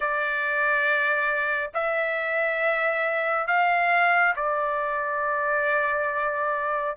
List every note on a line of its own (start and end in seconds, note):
0.00 1.70 D5
1.74 3.47 E5
3.47 4.34 F5
4.36 6.96 D5